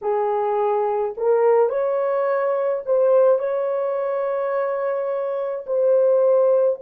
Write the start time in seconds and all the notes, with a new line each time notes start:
0.01 G#4
1.17 A#4
1.69 C#5
2.86 C5
3.39 C#5
5.66 C5